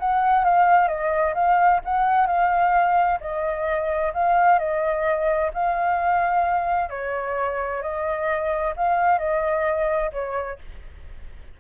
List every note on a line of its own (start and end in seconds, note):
0.00 0.45 F#5
0.45 0.89 F5
0.89 1.35 D#5
1.35 1.81 F5
1.85 2.27 F#5
2.27 3.20 F5
3.21 4.13 D#5
4.14 4.59 F5
4.59 5.52 D#5
5.54 6.90 F5
6.90 7.82 C#5
7.82 8.75 D#5
8.77 9.19 F5
9.19 10.11 D#5
10.13 10.59 C#5